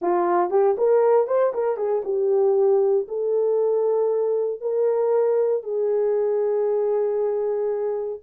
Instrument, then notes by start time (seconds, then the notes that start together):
horn
0.01 F4
0.50 G4
0.77 A#4
1.27 C5
1.53 A#4
1.76 G#4
2.04 G4
3.07 A4
4.60 A#4
5.63 G#4